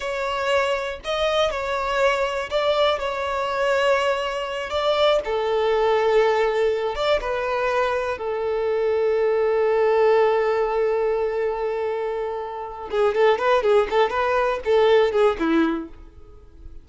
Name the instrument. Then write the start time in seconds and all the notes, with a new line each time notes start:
violin
0.00 C#5
1.04 D#5
1.50 C#5
2.50 D5
2.99 C#5
4.70 D5
5.24 A4
6.95 D5
7.21 B4
8.18 A4
12.90 G#4
13.14 A4
13.38 B4
13.62 G#4
13.90 A4
14.10 B4
14.64 A4
15.11 G#4
15.39 E4